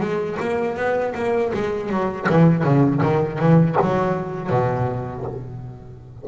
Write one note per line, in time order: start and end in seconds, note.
0.00 0.38 G#3
0.40 0.76 A#3
0.76 1.14 B3
1.15 1.52 A#3
1.53 1.89 G#3
1.89 2.27 F#3
2.29 2.64 E3
2.64 3.01 C#3
3.01 3.39 D#3
3.39 3.76 E3
3.81 4.50 F#3
4.50 5.25 B2